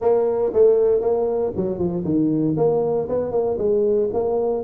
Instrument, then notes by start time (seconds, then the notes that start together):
tuba
0.01 A#3
0.53 A3
1.00 A#3
1.56 F#3
1.78 F3
2.04 D#3
2.56 A#3
3.08 B3
3.31 A#3
3.58 G#3
4.13 A#3